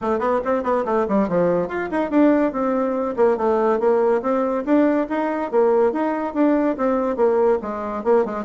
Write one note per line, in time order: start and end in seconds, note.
0.01 0.19 A3
0.19 0.40 B3
0.44 0.63 C4
0.63 0.84 B3
0.85 1.06 A3
1.08 1.28 G3
1.28 1.68 F3
1.68 1.89 F4
1.91 2.10 D#4
2.10 2.52 D4
2.52 3.15 C4
3.16 3.37 A#3
3.37 3.79 A3
3.79 4.21 A#3
4.22 4.64 C4
4.65 5.07 D4
5.09 5.51 D#4
5.51 5.92 A#3
5.92 6.34 D#4
6.34 6.76 D4
6.77 7.16 C4
7.16 7.58 A#3
7.62 8.04 G#3
8.04 8.25 A#3
8.25 8.44 G#3